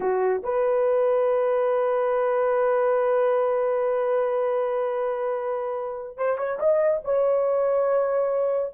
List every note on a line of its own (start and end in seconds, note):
0.00 0.42 F#4
0.43 6.17 B4
6.17 6.37 C5
6.37 6.59 C#5
6.59 7.01 D#5
7.04 8.73 C#5